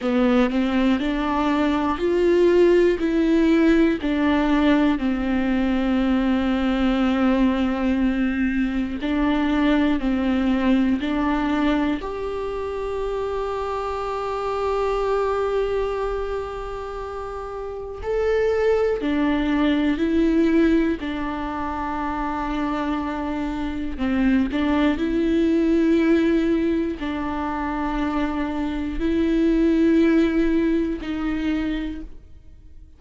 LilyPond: \new Staff \with { instrumentName = "viola" } { \time 4/4 \tempo 4 = 60 b8 c'8 d'4 f'4 e'4 | d'4 c'2.~ | c'4 d'4 c'4 d'4 | g'1~ |
g'2 a'4 d'4 | e'4 d'2. | c'8 d'8 e'2 d'4~ | d'4 e'2 dis'4 | }